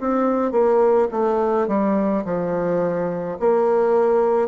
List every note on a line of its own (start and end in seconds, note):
0.00 0.51 C4
0.51 1.08 A#3
1.11 1.68 A3
1.68 2.24 G3
2.25 3.38 F3
3.40 4.48 A#3